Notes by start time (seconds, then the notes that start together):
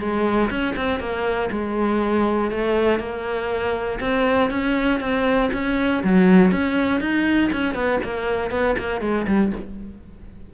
0.00 G#3
0.50 C#4
0.77 C4
1.00 A#3
1.52 G#3
2.52 A3
3.00 A#3
4.01 C4
4.50 C#4
5.01 C4
5.53 C#4
6.04 F#3
6.52 C#4
7.01 D#4
7.53 C#4
7.75 B3
8.04 A#3
8.51 B3
8.79 A#3
9.02 G#3
9.28 G3